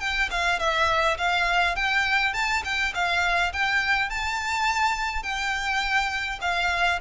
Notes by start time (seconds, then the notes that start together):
0.00 G5
0.31 F5
0.59 E5
1.18 F5
1.76 G5
2.34 A5
2.65 G5
2.94 F5
3.53 G5
4.10 A5
5.23 G5
6.42 F5